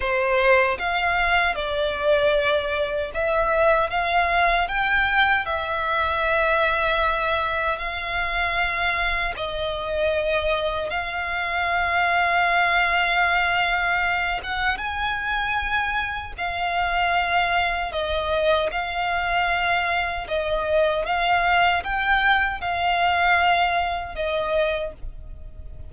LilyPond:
\new Staff \with { instrumentName = "violin" } { \time 4/4 \tempo 4 = 77 c''4 f''4 d''2 | e''4 f''4 g''4 e''4~ | e''2 f''2 | dis''2 f''2~ |
f''2~ f''8 fis''8 gis''4~ | gis''4 f''2 dis''4 | f''2 dis''4 f''4 | g''4 f''2 dis''4 | }